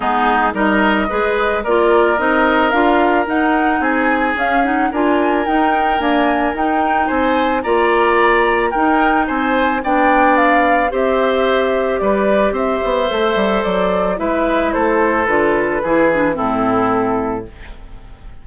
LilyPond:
<<
  \new Staff \with { instrumentName = "flute" } { \time 4/4 \tempo 4 = 110 gis'4 dis''2 d''4 | dis''4 f''4 fis''4 gis''4 | f''8 fis''8 gis''4 g''4 gis''4 | g''4 gis''4 ais''2 |
g''4 gis''4 g''4 f''4 | e''2 d''4 e''4~ | e''4 d''4 e''4 c''4 | b'2 a'2 | }
  \new Staff \with { instrumentName = "oboe" } { \time 4/4 dis'4 ais'4 b'4 ais'4~ | ais'2. gis'4~ | gis'4 ais'2.~ | ais'4 c''4 d''2 |
ais'4 c''4 d''2 | c''2 b'4 c''4~ | c''2 b'4 a'4~ | a'4 gis'4 e'2 | }
  \new Staff \with { instrumentName = "clarinet" } { \time 4/4 b4 dis'4 gis'4 f'4 | dis'4 f'4 dis'2 | cis'8 dis'8 f'4 dis'4 ais4 | dis'2 f'2 |
dis'2 d'2 | g'1 | a'2 e'2 | f'4 e'8 d'8 c'2 | }
  \new Staff \with { instrumentName = "bassoon" } { \time 4/4 gis4 g4 gis4 ais4 | c'4 d'4 dis'4 c'4 | cis'4 d'4 dis'4 d'4 | dis'4 c'4 ais2 |
dis'4 c'4 b2 | c'2 g4 c'8 b8 | a8 g8 fis4 gis4 a4 | d4 e4 a,2 | }
>>